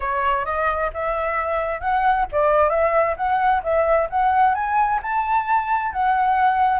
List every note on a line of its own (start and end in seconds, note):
0.00 0.45 C#5
0.45 0.90 D#5
0.93 1.80 E5
1.80 2.25 F#5
2.31 2.69 D5
2.69 3.15 E5
3.17 3.62 F#5
3.63 4.08 E5
4.10 4.54 F#5
4.54 5.00 G#5
5.02 5.92 A5
5.92 6.79 F#5